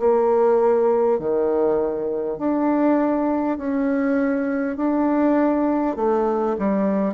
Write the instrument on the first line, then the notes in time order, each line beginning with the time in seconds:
bassoon
0.00 A#3
1.19 D#3
2.38 D4
3.58 C#4
4.77 D4
5.97 A3
6.59 G3